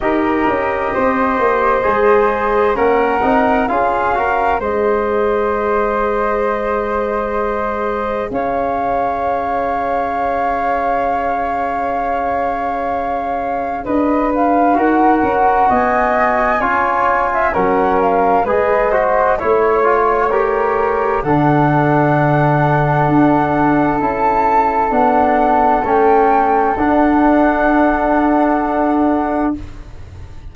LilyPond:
<<
  \new Staff \with { instrumentName = "flute" } { \time 4/4 \tempo 4 = 65 dis''2. fis''4 | f''4 dis''2.~ | dis''4 f''2.~ | f''2. dis''8 f''8 |
fis''4 gis''2 fis''8 f''8 | dis''4 cis''2 fis''4~ | fis''2 a''4 fis''4 | g''4 fis''2. | }
  \new Staff \with { instrumentName = "flute" } { \time 4/4 ais'4 c''2 ais'4 | gis'8 ais'8 c''2.~ | c''4 cis''2.~ | cis''2. b'4 |
ais'4 dis''4 cis''8. e''16 ais'4 | b'8 c''8 cis''4 ais'4 a'4~ | a'1~ | a'1 | }
  \new Staff \with { instrumentName = "trombone" } { \time 4/4 g'2 gis'4 cis'8 dis'8 | f'8 fis'8 gis'2.~ | gis'1~ | gis'1 |
fis'2 f'4 cis'4 | gis'8 fis'8 e'8 f'8 g'4 d'4~ | d'2 e'4 d'4 | cis'4 d'2. | }
  \new Staff \with { instrumentName = "tuba" } { \time 4/4 dis'8 cis'8 c'8 ais8 gis4 ais8 c'8 | cis'4 gis2.~ | gis4 cis'2.~ | cis'2. d'4 |
dis'8 cis'8 b4 cis'4 fis4 | gis4 a2 d4~ | d4 d'4 cis'4 b4 | a4 d'2. | }
>>